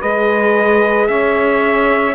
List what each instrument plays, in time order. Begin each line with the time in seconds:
0.00 cello G#3, horn G#4, saxophone B4, trumpet D#5
1.07 cello C#4, saxophone C#5, trumpet E5